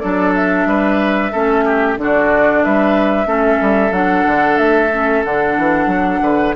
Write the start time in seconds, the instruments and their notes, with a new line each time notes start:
0.00 bassoon F#3, clarinet D4, oboe A4, flute D5
0.35 flute E5
0.66 bassoon G3, oboe B4
1.32 bassoon A3, clarinet C#4, oboe A4
1.65 oboe G4
1.97 bassoon D3, clarinet D4, oboe F#4, flute D5
2.64 bassoon G3, oboe B4, flute E5
3.26 bassoon A3, clarinet C#4, oboe A4
3.62 bassoon G3
3.91 bassoon F#3, clarinet D4, flute F#5
4.27 bassoon D3
4.58 bassoon A3, flute E5
4.93 clarinet C#4
5.24 bassoon D3, clarinet D4, flute F#5
5.58 bassoon E3
5.87 bassoon F#3
6.21 bassoon D3, oboe B4